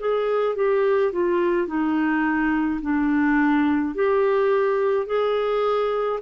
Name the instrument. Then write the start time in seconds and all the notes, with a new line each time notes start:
clarinet
0.00 G#4
0.56 G4
1.12 F4
1.67 D#4
2.81 D4
3.95 G4
5.06 G#4